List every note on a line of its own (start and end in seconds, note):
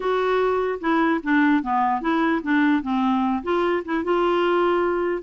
0.00 0.79 F#4
0.80 1.20 E4
1.23 1.63 D4
1.63 2.01 B3
2.01 2.41 E4
2.43 2.82 D4
2.82 3.42 C4
3.43 3.83 F4
3.84 4.04 E4
4.04 5.23 F4